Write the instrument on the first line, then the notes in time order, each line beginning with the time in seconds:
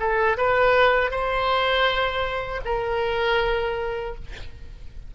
oboe
0.00 A4
0.38 B4
1.11 C5
2.65 A#4